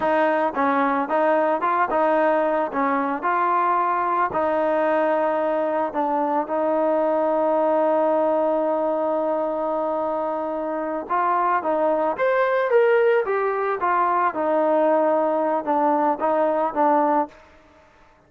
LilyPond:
\new Staff \with { instrumentName = "trombone" } { \time 4/4 \tempo 4 = 111 dis'4 cis'4 dis'4 f'8 dis'8~ | dis'4 cis'4 f'2 | dis'2. d'4 | dis'1~ |
dis'1~ | dis'8 f'4 dis'4 c''4 ais'8~ | ais'8 g'4 f'4 dis'4.~ | dis'4 d'4 dis'4 d'4 | }